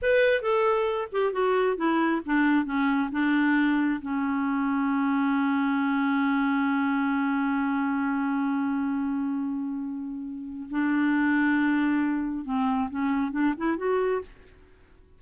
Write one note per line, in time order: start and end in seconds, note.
0.01 0.41 B4
0.41 1.08 A4
1.12 1.32 G4
1.32 1.76 F#4
1.76 2.21 E4
2.25 2.65 D4
2.65 3.09 C#4
3.11 4.00 D4
4.01 10.68 C#4
10.70 12.44 D4
12.44 12.89 C4
12.90 13.31 C#4
13.31 13.54 D4
13.57 13.77 E4
13.77 14.21 F#4